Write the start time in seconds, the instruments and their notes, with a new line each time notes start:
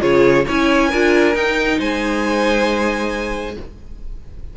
0.00 cello C#3, viola F4, violin G#4 C#5
0.46 cello C#4, viola E4, violin C#5 G#5
0.89 cello D4, viola F4, violin A#4
1.34 viola D#4, cello D#4, violin G5
1.79 cello G#3, violin C5 G#5